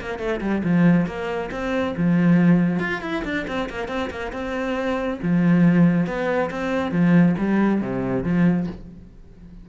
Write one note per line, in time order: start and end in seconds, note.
0.00 0.18 A#3
0.18 0.40 A3
0.41 0.62 G3
0.63 1.06 F3
1.06 1.50 A#3
1.51 1.95 C4
1.96 2.79 F3
2.79 3.01 F4
3.01 3.23 E4
3.24 3.46 D4
3.47 3.69 C4
3.69 3.88 A#3
3.88 4.09 C4
4.10 4.32 A#3
4.32 5.19 C4
5.22 6.06 F3
6.06 6.50 B3
6.50 6.91 C4
6.91 7.35 F3
7.38 7.81 G3
7.81 8.23 C3
8.23 8.67 F3